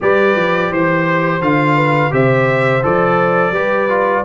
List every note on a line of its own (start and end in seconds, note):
0.01 0.36 G3
0.01 1.41 G4
0.01 0.70 B4
0.01 0.72 D5
0.36 0.71 F3
0.70 1.41 E3
0.70 1.76 C5
0.70 1.42 C5
1.41 2.11 D3
1.41 2.10 F4
1.41 2.12 F5
1.76 2.11 B4
2.10 2.83 C3
2.10 2.81 G4
2.10 3.53 C5
2.10 2.84 E5
2.82 3.50 F3
2.82 3.53 A4
2.82 4.25 D5
3.50 4.21 G3
3.50 3.89 G4
3.50 4.24 B4
3.89 4.24 F4